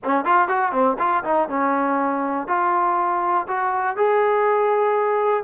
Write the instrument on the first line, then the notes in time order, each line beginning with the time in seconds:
trombone
0.04 C#4
0.24 F4
0.47 F#4
0.72 C4
0.98 F4
1.24 D#4
1.49 C#4
2.47 F4
3.47 F#4
3.96 G#4